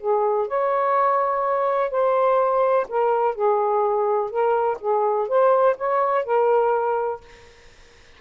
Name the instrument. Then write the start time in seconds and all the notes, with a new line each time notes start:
saxophone
0.00 G#4
0.48 C#5
1.91 C5
2.89 A#4
3.35 G#4
4.30 A#4
4.80 G#4
5.29 C5
5.78 C#5
6.25 A#4